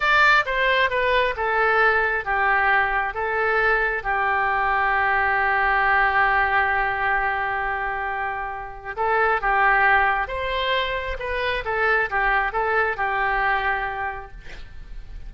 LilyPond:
\new Staff \with { instrumentName = "oboe" } { \time 4/4 \tempo 4 = 134 d''4 c''4 b'4 a'4~ | a'4 g'2 a'4~ | a'4 g'2.~ | g'1~ |
g'1 | a'4 g'2 c''4~ | c''4 b'4 a'4 g'4 | a'4 g'2. | }